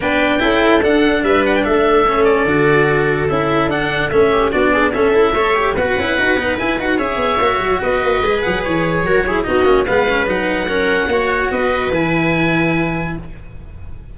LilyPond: <<
  \new Staff \with { instrumentName = "oboe" } { \time 4/4 \tempo 4 = 146 g''2 fis''4 e''8 fis''16 g''16 | e''4. d''2~ d''8 | e''4 fis''4 e''4 d''4 | e''2 fis''2 |
gis''8 fis''8 e''2 dis''4~ | dis''8 fis''8 cis''2 dis''4 | f''4 fis''2. | dis''4 gis''2. | }
  \new Staff \with { instrumentName = "viola" } { \time 4/4 b'4 a'2 b'4 | a'1~ | a'2~ a'8 g'8 fis'8 gis'8 | a'4 cis''4 b'2~ |
b'4 cis''2 b'4~ | b'2 ais'8 gis'8 fis'4 | b'2 ais'4 cis''4 | b'1 | }
  \new Staff \with { instrumentName = "cello" } { \time 4/4 d'4 e'4 d'2~ | d'4 cis'4 fis'2 | e'4 d'4 cis'4 d'4 | cis'8 e'8 a'8 g'8 fis'8 e'8 fis'8 dis'8 |
e'8 fis'8 gis'4 fis'2 | gis'2 fis'8 e'8 dis'8 cis'8 | b8 cis'8 dis'4 cis'4 fis'4~ | fis'4 e'2. | }
  \new Staff \with { instrumentName = "tuba" } { \time 4/4 b4 cis'4 d'4 g4 | a2 d2 | cis'4 d'4 a4 b4 | cis'4 a4 b8 cis'8 dis'8 b8 |
e'8 dis'8 cis'8 b8 ais8 fis8 b8 ais8 | gis8 fis8 e4 fis4 b8 ais8 | gis4 fis2 ais4 | b4 e2. | }
>>